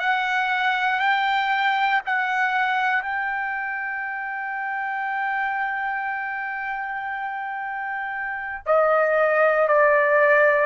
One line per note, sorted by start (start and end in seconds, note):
0.00 0.99 F#5
0.99 2.01 G5
2.06 3.03 F#5
3.03 8.62 G5
8.66 9.68 D#5
9.68 10.66 D5